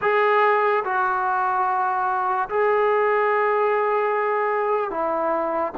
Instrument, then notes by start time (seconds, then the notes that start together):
trombone
0.01 G#4
0.84 F#4
2.49 G#4
4.90 E4